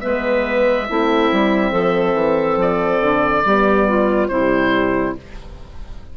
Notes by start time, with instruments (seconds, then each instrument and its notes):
0.00 bassoon G#3, horn B3, clarinet B4, oboe E5
0.89 bassoon A3, horn C4, clarinet E4
1.31 bassoon G3
1.71 bassoon F3, clarinet A4
2.13 bassoon E3
2.56 bassoon F3, oboe D5
3.01 bassoon D3
3.44 bassoon G3, horn B3, clarinet G4
3.87 clarinet F4
4.27 bassoon C3, horn G3, clarinet E4, oboe C5